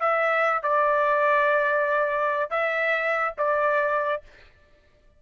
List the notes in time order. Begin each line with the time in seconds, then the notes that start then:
0.00 E5
0.63 D5
2.50 E5
3.38 D5